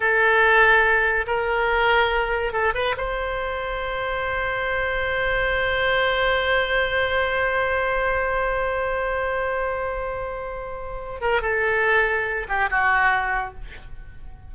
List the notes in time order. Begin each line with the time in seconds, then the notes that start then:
0.00 A4
1.26 A#4
2.52 A4
2.74 B4
2.97 C5
11.21 A#4
11.41 A4
12.48 G4
12.70 F#4